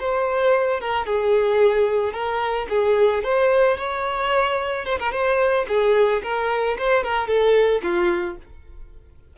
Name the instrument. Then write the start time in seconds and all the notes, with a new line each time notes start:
violin
0.00 C5
0.81 A#4
1.06 G#4
2.13 A#4
2.70 G#4
3.24 C5
3.77 C#5
4.86 C5
4.99 A#4
5.12 C5
5.69 G#4
6.23 A#4
6.79 C5
7.04 A#4
7.28 A4
7.83 F4